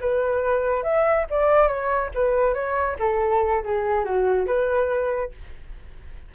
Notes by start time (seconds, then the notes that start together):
0.00 B4
0.83 E5
1.30 D5
1.67 C#5
2.14 B4
2.54 C#5
2.99 A4
3.63 G#4
4.04 F#4
4.46 B4